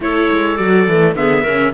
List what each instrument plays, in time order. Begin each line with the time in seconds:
0.00 cello A3, viola E4, clarinet A4, trumpet C#5
0.29 cello G#3
0.56 cello F#3, viola F#4, trumpet D5
0.87 cello E3, viola A3
1.14 cello D3, viola B3, clarinet G#4, trumpet E5
1.42 cello C#3, viola C#4, clarinet A#4